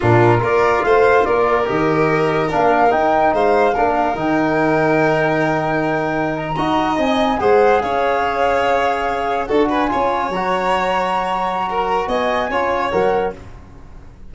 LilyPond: <<
  \new Staff \with { instrumentName = "flute" } { \time 4/4 \tempo 4 = 144 ais'4 d''4 f''4 d''4 | dis''2 f''4 g''4 | f''2 g''2~ | g''2.~ g''16 ais''8.~ |
ais''8. gis''4 fis''4 f''4~ f''16~ | f''2~ f''8. fis''8 gis''8.~ | gis''8. ais''2.~ ais''16~ | ais''4 gis''2 fis''4 | }
  \new Staff \with { instrumentName = "violin" } { \time 4/4 f'4 ais'4 c''4 ais'4~ | ais'1 | c''4 ais'2.~ | ais'2.~ ais'8. dis''16~ |
dis''4.~ dis''16 c''4 cis''4~ cis''16~ | cis''2~ cis''8. a'8 b'8 cis''16~ | cis''1 | ais'4 dis''4 cis''2 | }
  \new Staff \with { instrumentName = "trombone" } { \time 4/4 d'4 f'2. | g'2 d'4 dis'4~ | dis'4 d'4 dis'2~ | dis'2.~ dis'8. fis'16~ |
fis'8. dis'4 gis'2~ gis'16~ | gis'2~ gis'8. fis'4 f'16~ | f'8. fis'2.~ fis'16~ | fis'2 f'4 ais'4 | }
  \new Staff \with { instrumentName = "tuba" } { \time 4/4 ais,4 ais4 a4 ais4 | dis2 ais4 dis'4 | gis4 ais4 dis2~ | dis2.~ dis8. dis'16~ |
dis'8. c'4 gis4 cis'4~ cis'16~ | cis'2~ cis'8. d'4 cis'16~ | cis'8. fis2.~ fis16~ | fis4 b4 cis'4 fis4 | }
>>